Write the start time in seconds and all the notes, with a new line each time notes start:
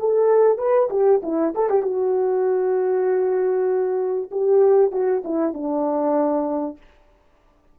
0.00 A4
0.58 B4
0.91 G4
1.23 E4
1.55 A4
1.70 G4
1.83 F#4
4.32 G4
4.92 F#4
5.25 E4
5.54 D4